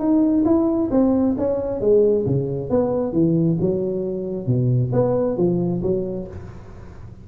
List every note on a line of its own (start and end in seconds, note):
0.00 0.45 D#4
0.45 0.90 E4
0.91 1.36 C4
1.38 1.81 C#4
1.81 2.26 G#3
2.27 2.70 C#3
2.70 3.13 B3
3.13 3.58 E3
3.61 4.47 F#3
4.47 4.92 B2
4.93 5.38 B3
5.38 5.82 F3
5.83 6.28 F#3